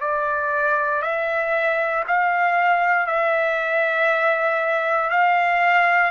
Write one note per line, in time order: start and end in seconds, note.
0.00 1.02 D5
1.02 2.03 E5
2.07 3.06 F5
3.06 5.10 E5
5.10 6.11 F5